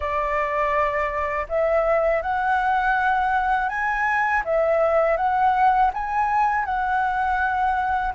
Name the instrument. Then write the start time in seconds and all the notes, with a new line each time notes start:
flute
0.00 D5
1.48 E5
2.22 F#5
3.68 G#5
4.44 E5
5.16 F#5
5.93 G#5
6.65 F#5